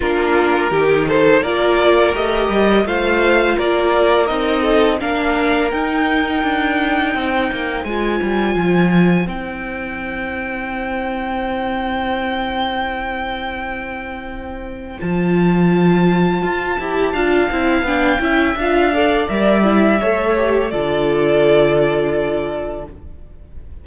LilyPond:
<<
  \new Staff \with { instrumentName = "violin" } { \time 4/4 \tempo 4 = 84 ais'4. c''8 d''4 dis''4 | f''4 d''4 dis''4 f''4 | g''2. gis''4~ | gis''4 g''2.~ |
g''1~ | g''4 a''2.~ | a''4 g''4 f''4 e''4~ | e''4 d''2. | }
  \new Staff \with { instrumentName = "violin" } { \time 4/4 f'4 g'8 a'8 ais'2 | c''4 ais'4. a'8 ais'4~ | ais'2 c''2~ | c''1~ |
c''1~ | c''1 | f''4. e''4 d''4. | cis''4 a'2. | }
  \new Staff \with { instrumentName = "viola" } { \time 4/4 d'4 dis'4 f'4 g'4 | f'2 dis'4 d'4 | dis'2. f'4~ | f'4 e'2.~ |
e'1~ | e'4 f'2~ f'8 g'8 | f'8 e'8 d'8 e'8 f'8 a'8 ais'8 e'8 | a'8 g'8 f'2. | }
  \new Staff \with { instrumentName = "cello" } { \time 4/4 ais4 dis4 ais4 a8 g8 | a4 ais4 c'4 ais4 | dis'4 d'4 c'8 ais8 gis8 g8 | f4 c'2.~ |
c'1~ | c'4 f2 f'8 e'8 | d'8 c'8 b8 cis'8 d'4 g4 | a4 d2. | }
>>